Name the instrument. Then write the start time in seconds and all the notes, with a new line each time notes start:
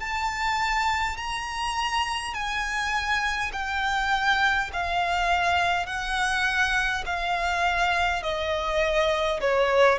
violin
0.00 A5
1.17 A#5
2.34 G#5
3.53 G5
4.73 F5
5.87 F#5
7.06 F5
8.23 D#5
9.41 C#5